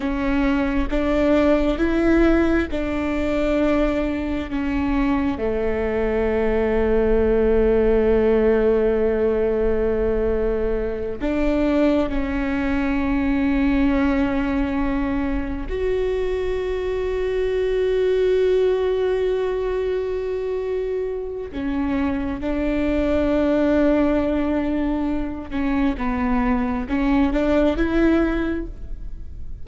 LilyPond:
\new Staff \with { instrumentName = "viola" } { \time 4/4 \tempo 4 = 67 cis'4 d'4 e'4 d'4~ | d'4 cis'4 a2~ | a1~ | a8 d'4 cis'2~ cis'8~ |
cis'4. fis'2~ fis'8~ | fis'1 | cis'4 d'2.~ | d'8 cis'8 b4 cis'8 d'8 e'4 | }